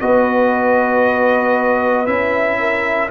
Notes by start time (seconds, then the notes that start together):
0.00 B3 F#4 B4 D#5
2.06 C#4 E4 E5
2.60 A#4